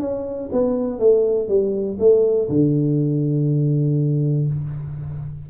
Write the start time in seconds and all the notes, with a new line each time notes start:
0.00 C#4
0.52 B3
0.99 A3
1.48 G3
1.99 A3
2.49 D3